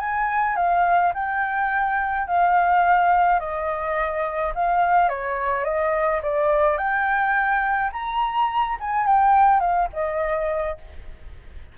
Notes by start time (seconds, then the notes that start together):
0.00 G#5
0.56 F5
1.14 G5
2.27 F5
3.40 D#5
4.55 F5
5.09 C#5
5.64 D#5
6.23 D5
6.78 G5
7.93 A#5
8.80 G#5
9.07 G5
9.60 F5
9.93 D#5